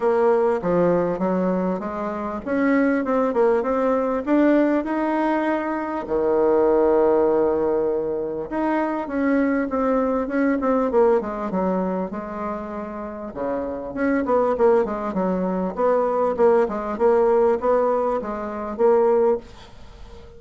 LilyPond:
\new Staff \with { instrumentName = "bassoon" } { \time 4/4 \tempo 4 = 99 ais4 f4 fis4 gis4 | cis'4 c'8 ais8 c'4 d'4 | dis'2 dis2~ | dis2 dis'4 cis'4 |
c'4 cis'8 c'8 ais8 gis8 fis4 | gis2 cis4 cis'8 b8 | ais8 gis8 fis4 b4 ais8 gis8 | ais4 b4 gis4 ais4 | }